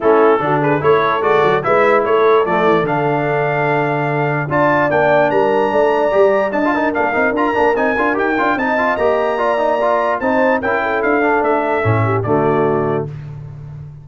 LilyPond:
<<
  \new Staff \with { instrumentName = "trumpet" } { \time 4/4 \tempo 4 = 147 a'4. b'8 cis''4 d''4 | e''4 cis''4 d''4 f''4~ | f''2. a''4 | g''4 ais''2. |
a''4 f''4 ais''4 gis''4 | g''4 a''4 ais''2~ | ais''4 a''4 g''4 f''4 | e''2 d''2 | }
  \new Staff \with { instrumentName = "horn" } { \time 4/4 e'4 fis'8 gis'8 a'2 | b'4 a'2.~ | a'2. d''4~ | d''4 ais'4 d''2 |
dis''8 ais'2.~ ais'8~ | ais'4 dis''2 d''4~ | d''4 c''4 ais'8 a'4.~ | a'4. g'8 fis'2 | }
  \new Staff \with { instrumentName = "trombone" } { \time 4/4 cis'4 d'4 e'4 fis'4 | e'2 a4 d'4~ | d'2. f'4 | d'2. g'4 |
d'16 f'16 dis'8 d'8 dis'8 f'8 d'8 dis'8 f'8 | g'8 f'8 dis'8 f'8 g'4 f'8 dis'8 | f'4 dis'4 e'4. d'8~ | d'4 cis'4 a2 | }
  \new Staff \with { instrumentName = "tuba" } { \time 4/4 a4 d4 a4 gis8 fis8 | gis4 a4 f8 e8 d4~ | d2. d'4 | ais4 g4 a4 g4 |
d'4 ais8 c'8 d'8 ais8 c'8 d'8 | dis'8 d'8 c'4 ais2~ | ais4 c'4 cis'4 d'4 | a4 a,4 d2 | }
>>